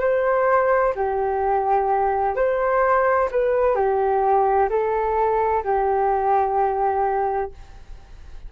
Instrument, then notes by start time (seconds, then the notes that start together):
flute
0.00 C5
0.95 G4
2.36 C5
3.31 B4
3.75 G4
4.70 A4
5.64 G4